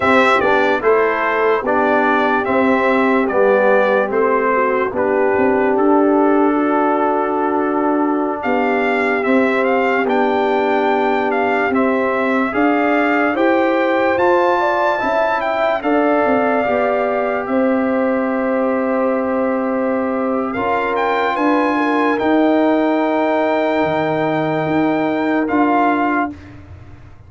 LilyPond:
<<
  \new Staff \with { instrumentName = "trumpet" } { \time 4/4 \tempo 4 = 73 e''8 d''8 c''4 d''4 e''4 | d''4 c''4 b'4 a'4~ | a'2~ a'16 f''4 e''8 f''16~ | f''16 g''4. f''8 e''4 f''8.~ |
f''16 g''4 a''4. g''8 f''8.~ | f''4~ f''16 e''2~ e''8.~ | e''4 f''8 g''8 gis''4 g''4~ | g''2. f''4 | }
  \new Staff \with { instrumentName = "horn" } { \time 4/4 g'4 a'4 g'2~ | g'4. fis'8 g'2 | fis'2~ fis'16 g'4.~ g'16~ | g'2.~ g'16 d''8.~ |
d''16 c''4. d''8 e''4 d''8.~ | d''4~ d''16 c''2~ c''8.~ | c''4 ais'4 b'8 ais'4.~ | ais'1 | }
  \new Staff \with { instrumentName = "trombone" } { \time 4/4 c'8 d'8 e'4 d'4 c'4 | b4 c'4 d'2~ | d'2.~ d'16 c'8.~ | c'16 d'2 c'4 gis'8.~ |
gis'16 g'4 f'4 e'4 a'8.~ | a'16 g'2.~ g'8.~ | g'4 f'2 dis'4~ | dis'2. f'4 | }
  \new Staff \with { instrumentName = "tuba" } { \time 4/4 c'8 b8 a4 b4 c'4 | g4 a4 b8 c'8 d'4~ | d'2~ d'16 b4 c'8.~ | c'16 b2 c'4 d'8.~ |
d'16 e'4 f'4 cis'4 d'8 c'16~ | c'16 b4 c'2~ c'8.~ | c'4 cis'4 d'4 dis'4~ | dis'4 dis4 dis'4 d'4 | }
>>